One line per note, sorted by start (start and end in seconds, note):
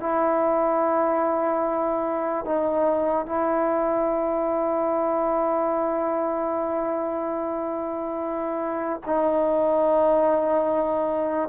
0.00 2.45 E4
2.45 3.26 D#4
3.26 9.01 E4
9.06 11.49 D#4